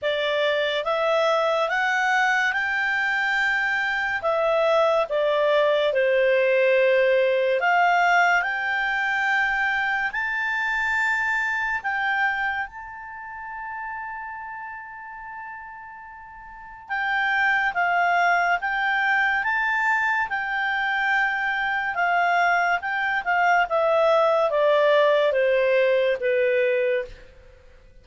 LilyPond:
\new Staff \with { instrumentName = "clarinet" } { \time 4/4 \tempo 4 = 71 d''4 e''4 fis''4 g''4~ | g''4 e''4 d''4 c''4~ | c''4 f''4 g''2 | a''2 g''4 a''4~ |
a''1 | g''4 f''4 g''4 a''4 | g''2 f''4 g''8 f''8 | e''4 d''4 c''4 b'4 | }